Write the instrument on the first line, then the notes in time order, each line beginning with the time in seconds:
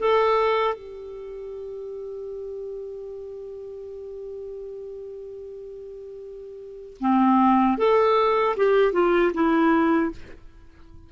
clarinet
0.00 A4
0.74 G4
7.01 C4
7.78 A4
8.57 G4
8.93 F4
9.34 E4